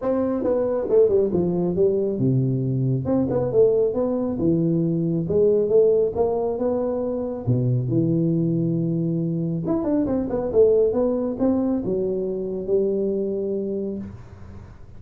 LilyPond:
\new Staff \with { instrumentName = "tuba" } { \time 4/4 \tempo 4 = 137 c'4 b4 a8 g8 f4 | g4 c2 c'8 b8 | a4 b4 e2 | gis4 a4 ais4 b4~ |
b4 b,4 e2~ | e2 e'8 d'8 c'8 b8 | a4 b4 c'4 fis4~ | fis4 g2. | }